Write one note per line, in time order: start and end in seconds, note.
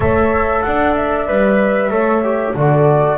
0.00 0.62 A3
0.00 1.27 A4
0.00 0.65 C#5
0.00 0.62 E5
0.62 1.29 D4
0.62 1.91 D5
0.62 0.94 F#5
0.95 2.54 E5
1.27 1.90 G3
1.27 1.90 B4
1.90 2.54 A3
1.90 2.22 A4
1.90 2.55 C#5
2.23 2.55 G4
2.55 3.17 D3
2.55 3.17 F#4
2.55 3.17 A4
2.55 3.17 D5